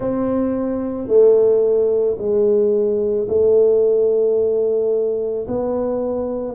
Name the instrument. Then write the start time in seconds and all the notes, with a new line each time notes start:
tuba
0.00 C4
1.07 A3
2.18 G#3
3.28 A3
5.47 B3